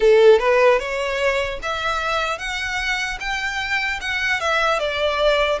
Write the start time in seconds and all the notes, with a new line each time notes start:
0.00 A4
0.39 B4
0.79 C#5
1.62 E5
2.38 F#5
3.20 G5
4.00 F#5
4.40 E5
4.79 D5